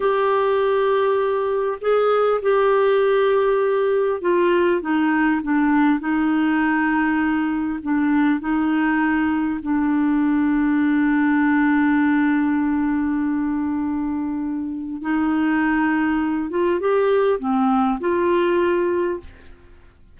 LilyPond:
\new Staff \with { instrumentName = "clarinet" } { \time 4/4 \tempo 4 = 100 g'2. gis'4 | g'2. f'4 | dis'4 d'4 dis'2~ | dis'4 d'4 dis'2 |
d'1~ | d'1~ | d'4 dis'2~ dis'8 f'8 | g'4 c'4 f'2 | }